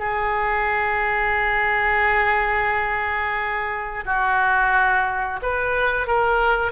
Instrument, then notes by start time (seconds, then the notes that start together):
oboe
0.00 G#4
4.06 F#4
5.42 B4
6.07 A#4